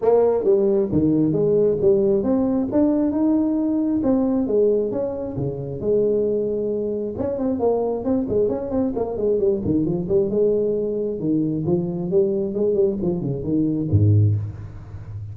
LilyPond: \new Staff \with { instrumentName = "tuba" } { \time 4/4 \tempo 4 = 134 ais4 g4 dis4 gis4 | g4 c'4 d'4 dis'4~ | dis'4 c'4 gis4 cis'4 | cis4 gis2. |
cis'8 c'8 ais4 c'8 gis8 cis'8 c'8 | ais8 gis8 g8 dis8 f8 g8 gis4~ | gis4 dis4 f4 g4 | gis8 g8 f8 cis8 dis4 gis,4 | }